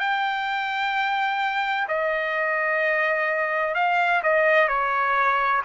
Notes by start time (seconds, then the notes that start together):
0.00 G5
1.89 D#5
3.75 F5
4.24 D#5
4.68 C#5